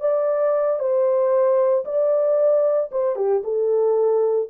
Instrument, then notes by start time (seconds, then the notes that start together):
horn
0.00 D5
0.79 C5
1.85 D5
2.91 C5
3.16 G4
3.44 A4